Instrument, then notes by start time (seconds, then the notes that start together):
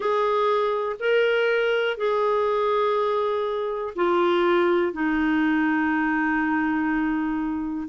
clarinet
0.00 G#4
0.99 A#4
1.97 G#4
3.95 F4
4.92 D#4